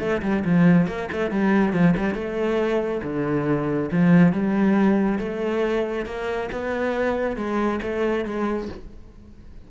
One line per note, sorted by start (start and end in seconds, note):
0.00 0.22 A3
0.22 0.44 G3
0.45 0.87 F3
0.87 1.09 A#3
1.12 1.31 A3
1.31 1.73 G3
1.73 1.95 F3
1.97 2.15 G3
2.15 3.02 A3
3.03 3.90 D3
3.92 4.33 F3
4.33 5.19 G3
5.19 6.06 A3
6.06 6.49 A#3
6.52 7.37 B3
7.37 7.80 G#3
7.83 8.25 A3
8.25 8.69 G#3